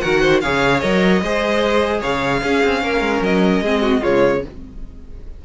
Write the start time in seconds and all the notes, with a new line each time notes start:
0.00 D#3 F#4 A#4 F#5
0.21 C5
0.41 C#3 G#4 C#5 F5
0.80 F#3 A#4 D#5
1.22 G#3 G#4 C5
2.00 C#3 C#5 F5
2.42 C#4 G#4
2.63 C4
2.83 A#3 A#4
3.00 G#3
3.21 F#3 D#5
3.61 G#3 C4 G#4
3.82 F#4
4.00 C#3 G#3 F4 C#5